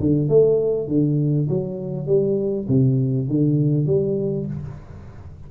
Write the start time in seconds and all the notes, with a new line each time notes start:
0.00 D3
0.29 A3
0.88 D3
1.49 F#3
2.07 G3
2.68 C3
3.28 D3
3.87 G3